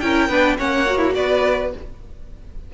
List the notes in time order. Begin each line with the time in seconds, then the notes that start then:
0.00 C#4 E4 A#4 G5
0.29 B3 D4 B4
0.57 A#3 C#4 C#5 F#5
0.86 F#4
0.97 E4
1.15 B3 B4 D5